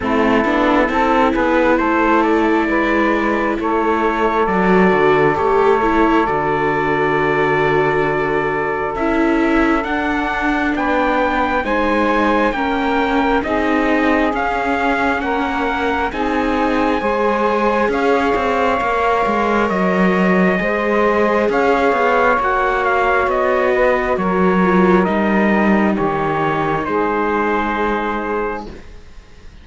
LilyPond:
<<
  \new Staff \with { instrumentName = "trumpet" } { \time 4/4 \tempo 4 = 67 a'4. b'8 c''8 d''4. | cis''4 d''4 cis''4 d''4~ | d''2 e''4 fis''4 | g''4 gis''4 g''4 dis''4 |
f''4 fis''4 gis''2 | f''2 dis''2 | f''4 fis''8 f''8 dis''4 cis''4 | dis''4 cis''4 c''2 | }
  \new Staff \with { instrumentName = "saxophone" } { \time 4/4 e'4 a'8 gis'8 a'4 b'4 | a'1~ | a'1 | b'4 c''4 ais'4 gis'4~ |
gis'4 ais'4 gis'4 c''4 | cis''2. c''4 | cis''2~ cis''8 b'8 ais'4~ | ais'4 g'4 gis'2 | }
  \new Staff \with { instrumentName = "viola" } { \time 4/4 c'8 d'8 e'2.~ | e'4 fis'4 g'8 e'8 fis'4~ | fis'2 e'4 d'4~ | d'4 dis'4 cis'4 dis'4 |
cis'2 dis'4 gis'4~ | gis'4 ais'2 gis'4~ | gis'4 fis'2~ fis'8 f'8 | dis'1 | }
  \new Staff \with { instrumentName = "cello" } { \time 4/4 a8 b8 c'8 b8 a4 gis4 | a4 fis8 d8 a4 d4~ | d2 cis'4 d'4 | b4 gis4 ais4 c'4 |
cis'4 ais4 c'4 gis4 | cis'8 c'8 ais8 gis8 fis4 gis4 | cis'8 b8 ais4 b4 fis4 | g4 dis4 gis2 | }
>>